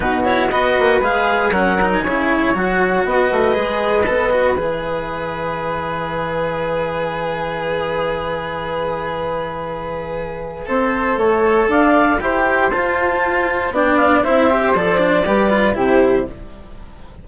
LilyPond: <<
  \new Staff \with { instrumentName = "clarinet" } { \time 4/4 \tempo 4 = 118 b'8 cis''8 dis''4 f''4 fis''8. gis''16~ | gis''4 fis''4 dis''2~ | dis''4 e''2.~ | e''1~ |
e''1~ | e''2. f''4 | g''4 a''2 g''8 f''8 | e''4 d''2 c''4 | }
  \new Staff \with { instrumentName = "flute" } { \time 4/4 fis'4 b'2 ais'4 | cis''2 b'2~ | b'1~ | b'1~ |
b'1~ | b'4 c''4 cis''4 d''4 | c''2. d''4 | c''2 b'4 g'4 | }
  \new Staff \with { instrumentName = "cello" } { \time 4/4 dis'8 e'8 fis'4 gis'4 cis'8 dis'8 | e'4 fis'2 gis'4 | a'8 fis'8 gis'2.~ | gis'1~ |
gis'1~ | gis'4 a'2. | g'4 f'2 d'4 | e'8 g'8 a'8 d'8 g'8 f'8 e'4 | }
  \new Staff \with { instrumentName = "bassoon" } { \time 4/4 b,4 b8 ais8 gis4 fis4 | cis4 fis4 b8 a8 gis4 | b4 e2.~ | e1~ |
e1~ | e4 c'4 a4 d'4 | e'4 f'2 b4 | c'4 f4 g4 c4 | }
>>